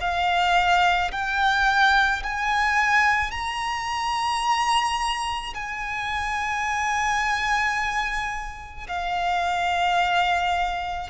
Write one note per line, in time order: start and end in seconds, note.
0.00 1.11 F5
1.12 2.23 G5
2.23 3.31 G#5
3.31 5.54 A#5
5.54 8.87 G#5
8.88 11.10 F5